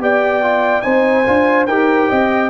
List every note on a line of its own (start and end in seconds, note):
0.00 0.83 B3
0.00 0.42 G4
0.00 0.85 D5
0.00 0.82 G5
0.43 0.83 F4
0.82 1.27 C4
0.82 1.25 D#4
0.82 1.68 C5
0.82 1.65 G#5
1.26 1.68 D4
1.26 1.68 F4
1.67 2.10 D#4
1.67 2.50 G4
1.67 2.10 A#4
1.67 2.50 G5
2.10 2.50 C4
2.10 2.50 D#5